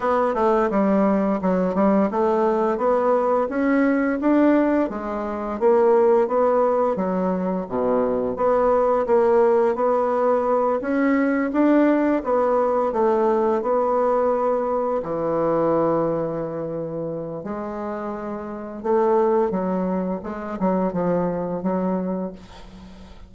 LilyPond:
\new Staff \with { instrumentName = "bassoon" } { \time 4/4 \tempo 4 = 86 b8 a8 g4 fis8 g8 a4 | b4 cis'4 d'4 gis4 | ais4 b4 fis4 b,4 | b4 ais4 b4. cis'8~ |
cis'8 d'4 b4 a4 b8~ | b4. e2~ e8~ | e4 gis2 a4 | fis4 gis8 fis8 f4 fis4 | }